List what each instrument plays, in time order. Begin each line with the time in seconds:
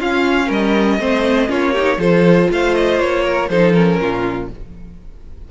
0.00 cello C#4, viola C#4, violin F4 F5
0.47 cello G3, violin A#4 D#5
0.99 cello A3, viola C4, violin C5
1.48 cello A#3, viola C#4, violin F4 C#5
1.73 viola D#4, violin G4
1.98 cello F3, viola F4, violin A4 C5
2.51 cello A3, violin C5 F5
2.75 violin D#5
3.00 cello A#3, violin C#5
3.24 violin A#4
3.50 cello F3, viola D#4, violin A4 C5
3.73 viola C#4, violin A#4
4.01 cello A#2, violin F4